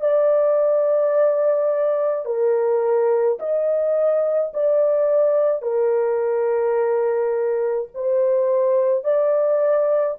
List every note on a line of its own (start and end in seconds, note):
0.00 2.25 D5
2.25 3.38 A#4
3.39 4.52 D#5
4.53 5.62 D5
5.62 7.88 A#4
7.94 9.04 C5
9.04 10.17 D5